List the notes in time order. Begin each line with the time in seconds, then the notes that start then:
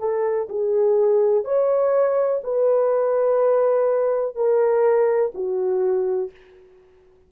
0.00 A4
0.49 G#4
1.45 C#5
2.44 B4
4.36 A#4
5.34 F#4